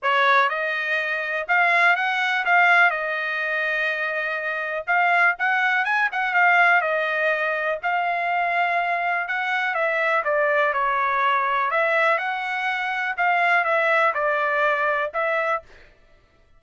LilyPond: \new Staff \with { instrumentName = "trumpet" } { \time 4/4 \tempo 4 = 123 cis''4 dis''2 f''4 | fis''4 f''4 dis''2~ | dis''2 f''4 fis''4 | gis''8 fis''8 f''4 dis''2 |
f''2. fis''4 | e''4 d''4 cis''2 | e''4 fis''2 f''4 | e''4 d''2 e''4 | }